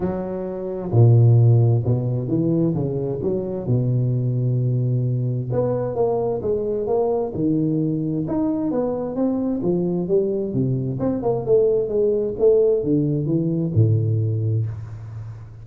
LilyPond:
\new Staff \with { instrumentName = "tuba" } { \time 4/4 \tempo 4 = 131 fis2 ais,2 | b,4 e4 cis4 fis4 | b,1 | b4 ais4 gis4 ais4 |
dis2 dis'4 b4 | c'4 f4 g4 c4 | c'8 ais8 a4 gis4 a4 | d4 e4 a,2 | }